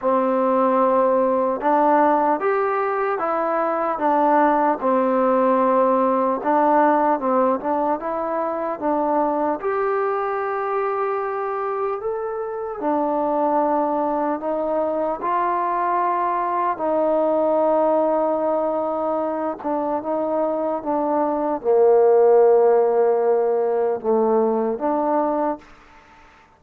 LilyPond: \new Staff \with { instrumentName = "trombone" } { \time 4/4 \tempo 4 = 75 c'2 d'4 g'4 | e'4 d'4 c'2 | d'4 c'8 d'8 e'4 d'4 | g'2. a'4 |
d'2 dis'4 f'4~ | f'4 dis'2.~ | dis'8 d'8 dis'4 d'4 ais4~ | ais2 a4 d'4 | }